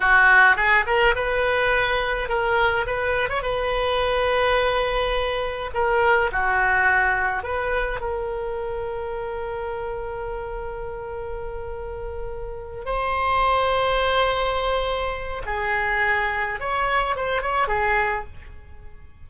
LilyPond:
\new Staff \with { instrumentName = "oboe" } { \time 4/4 \tempo 4 = 105 fis'4 gis'8 ais'8 b'2 | ais'4 b'8. cis''16 b'2~ | b'2 ais'4 fis'4~ | fis'4 b'4 ais'2~ |
ais'1~ | ais'2~ ais'8 c''4.~ | c''2. gis'4~ | gis'4 cis''4 c''8 cis''8 gis'4 | }